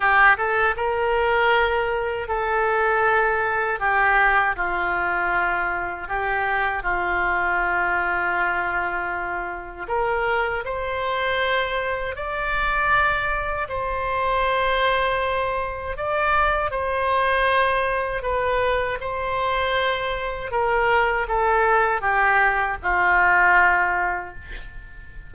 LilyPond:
\new Staff \with { instrumentName = "oboe" } { \time 4/4 \tempo 4 = 79 g'8 a'8 ais'2 a'4~ | a'4 g'4 f'2 | g'4 f'2.~ | f'4 ais'4 c''2 |
d''2 c''2~ | c''4 d''4 c''2 | b'4 c''2 ais'4 | a'4 g'4 f'2 | }